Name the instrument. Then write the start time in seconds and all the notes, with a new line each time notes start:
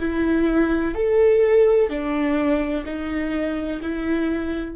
viola
0.00 E4
0.95 A4
1.90 D4
2.86 D#4
3.83 E4